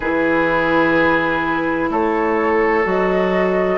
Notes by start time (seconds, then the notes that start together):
0.00 E3 E4 G#4 B4
1.89 A3 A4 C#5
2.84 F#3 F#4 D#5